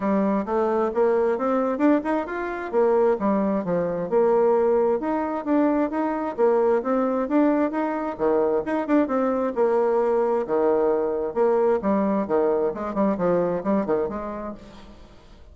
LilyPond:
\new Staff \with { instrumentName = "bassoon" } { \time 4/4 \tempo 4 = 132 g4 a4 ais4 c'4 | d'8 dis'8 f'4 ais4 g4 | f4 ais2 dis'4 | d'4 dis'4 ais4 c'4 |
d'4 dis'4 dis4 dis'8 d'8 | c'4 ais2 dis4~ | dis4 ais4 g4 dis4 | gis8 g8 f4 g8 dis8 gis4 | }